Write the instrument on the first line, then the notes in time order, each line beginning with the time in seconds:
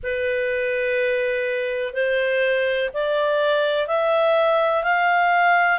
clarinet
0.03 B4
1.93 C5
2.93 D5
3.87 E5
4.83 F5